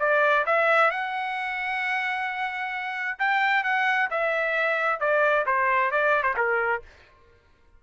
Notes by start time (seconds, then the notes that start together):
0.00 D5
0.46 E5
0.91 F#5
3.19 G5
3.64 F#5
4.11 E5
5.00 D5
5.46 C5
5.91 D5
6.23 C5
6.37 A#4